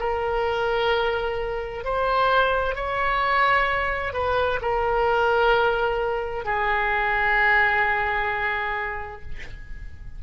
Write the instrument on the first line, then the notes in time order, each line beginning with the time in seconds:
oboe
0.00 A#4
1.85 C5
2.76 C#5
4.14 B4
4.62 A#4
6.45 G#4